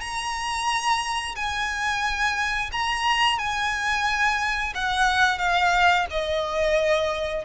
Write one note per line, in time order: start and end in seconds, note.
0.00 1.35 A#5
1.35 2.70 G#5
2.72 3.38 A#5
3.38 4.73 G#5
4.75 5.38 F#5
5.38 6.06 F5
6.10 7.45 D#5